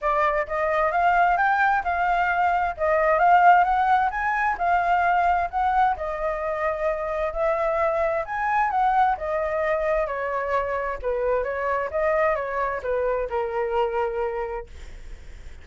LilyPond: \new Staff \with { instrumentName = "flute" } { \time 4/4 \tempo 4 = 131 d''4 dis''4 f''4 g''4 | f''2 dis''4 f''4 | fis''4 gis''4 f''2 | fis''4 dis''2. |
e''2 gis''4 fis''4 | dis''2 cis''2 | b'4 cis''4 dis''4 cis''4 | b'4 ais'2. | }